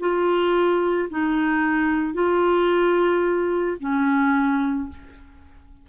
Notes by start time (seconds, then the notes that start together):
0.00 F4
1.10 D#4
2.14 F4
3.80 C#4